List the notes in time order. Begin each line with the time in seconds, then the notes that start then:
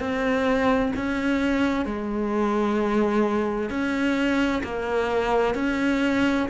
0.00 C4
0.97 C#4
1.86 G#3
3.70 C#4
4.64 A#3
5.55 C#4